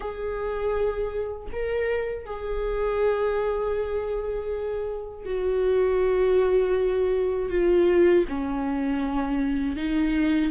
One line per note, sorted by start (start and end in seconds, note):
0.00 1.47 G#4
1.52 2.25 A#4
2.25 5.25 G#4
5.25 7.50 F#4
7.50 8.25 F4
8.28 9.76 C#4
9.76 10.51 D#4